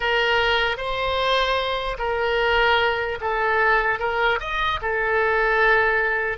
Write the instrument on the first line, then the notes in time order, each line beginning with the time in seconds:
oboe
0.00 A#4
0.77 C5
1.98 A#4
3.20 A4
3.99 A#4
4.40 D#5
4.81 A4